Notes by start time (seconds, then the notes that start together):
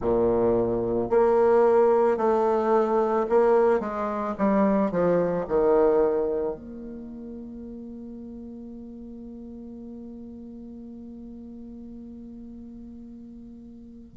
0.00 A#2
1.09 A#3
2.17 A3
3.29 A#3
3.80 G#3
4.38 G3
4.91 F3
5.47 D#3
6.55 A#3